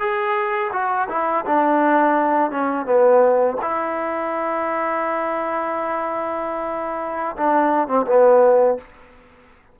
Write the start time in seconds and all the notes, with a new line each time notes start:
0.00 G#4
0.73 F#4
1.09 E4
1.46 D4
2.51 C#4
2.86 B3
3.61 E4
7.37 D4
7.88 C4
8.06 B3